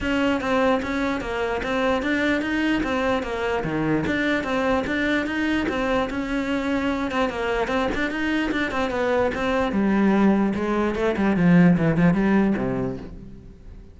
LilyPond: \new Staff \with { instrumentName = "cello" } { \time 4/4 \tempo 4 = 148 cis'4 c'4 cis'4 ais4 | c'4 d'4 dis'4 c'4 | ais4 dis4 d'4 c'4 | d'4 dis'4 c'4 cis'4~ |
cis'4. c'8 ais4 c'8 d'8 | dis'4 d'8 c'8 b4 c'4 | g2 gis4 a8 g8 | f4 e8 f8 g4 c4 | }